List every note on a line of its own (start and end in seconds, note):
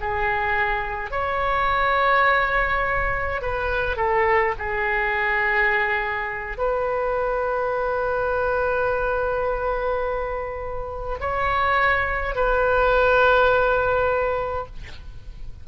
0.00 1.11 G#4
1.11 3.41 C#5
3.41 3.97 B4
3.97 4.54 A4
4.58 6.57 G#4
6.57 11.19 B4
11.20 12.35 C#5
12.35 14.66 B4